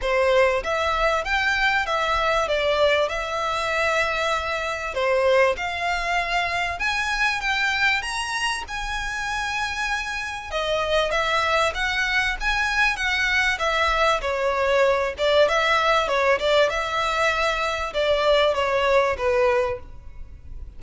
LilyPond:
\new Staff \with { instrumentName = "violin" } { \time 4/4 \tempo 4 = 97 c''4 e''4 g''4 e''4 | d''4 e''2. | c''4 f''2 gis''4 | g''4 ais''4 gis''2~ |
gis''4 dis''4 e''4 fis''4 | gis''4 fis''4 e''4 cis''4~ | cis''8 d''8 e''4 cis''8 d''8 e''4~ | e''4 d''4 cis''4 b'4 | }